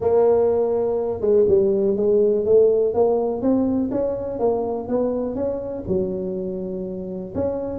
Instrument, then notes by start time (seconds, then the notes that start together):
tuba
0.00 A#3
1.20 G#3
1.47 G3
1.96 G#3
2.45 A3
2.94 A#3
3.41 C4
3.91 C#4
4.39 A#3
4.88 B3
5.35 C#4
5.87 F#3
7.34 C#4